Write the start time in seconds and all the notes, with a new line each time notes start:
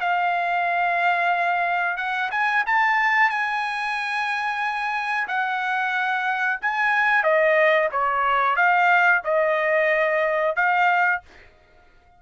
0.00 F5
1.97 F#5
2.31 G#5
2.66 A5
3.30 G#5
5.28 F#5
6.61 G#5
7.23 D#5
7.92 C#5
8.56 F5
9.24 D#5
10.56 F5